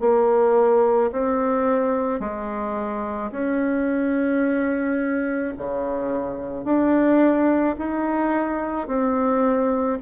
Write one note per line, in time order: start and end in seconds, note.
0.00 1.11 A#3
1.12 2.20 C4
2.20 3.31 G#3
3.31 5.54 C#4
5.58 6.64 C#3
6.64 7.75 D4
7.78 8.87 D#4
8.87 9.98 C4